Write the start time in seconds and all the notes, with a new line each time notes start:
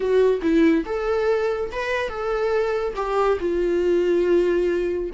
0.00 F#4
0.41 E4
0.85 A4
1.72 B4
2.09 A4
2.96 G4
3.40 F4